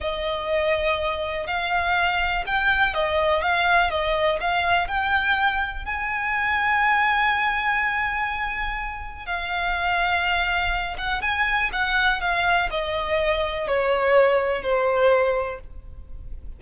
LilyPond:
\new Staff \with { instrumentName = "violin" } { \time 4/4 \tempo 4 = 123 dis''2. f''4~ | f''4 g''4 dis''4 f''4 | dis''4 f''4 g''2 | gis''1~ |
gis''2. f''4~ | f''2~ f''8 fis''8 gis''4 | fis''4 f''4 dis''2 | cis''2 c''2 | }